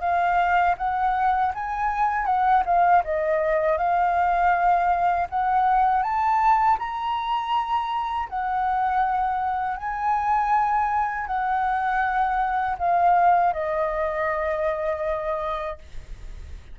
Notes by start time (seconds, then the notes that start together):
0.00 F5
0.77 F#5
1.54 G#5
2.25 F#5
2.65 F5
3.04 D#5
3.77 F5
5.29 F#5
6.02 A5
6.78 A#5
8.29 F#5
9.76 G#5
11.26 F#5
12.78 F5
13.53 D#5